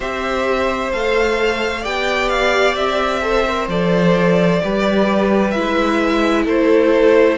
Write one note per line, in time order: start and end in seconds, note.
0.00 0.91 C4
0.00 0.91 G4
0.00 1.81 C5
0.00 0.92 E5
0.92 1.85 A3
0.92 1.85 A4
0.92 1.84 F5
1.81 2.75 B3
1.81 3.22 G4
1.81 3.20 D5
1.81 2.28 G5
2.28 2.74 F5
2.75 3.67 C4
2.75 3.67 E5
3.22 3.45 A4
3.22 4.62 C5
3.47 3.69 A#4
3.68 4.60 F3
3.68 4.61 A4
3.68 5.50 D5
4.62 5.56 G3
4.62 5.55 G4
4.62 6.44 B4
5.50 6.46 G#3
5.50 7.38 E4
5.50 6.42 E5
6.44 7.38 A3
6.44 7.36 A4
6.44 7.38 C5